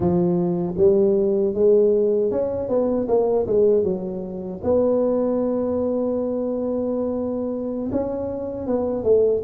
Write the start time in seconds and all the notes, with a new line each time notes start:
0.00 F3
0.77 G3
1.54 G#3
2.31 C#4
2.69 B3
3.08 A#3
3.47 G#3
3.83 F#3
4.63 B3
7.91 C#4
8.66 B3
9.03 A3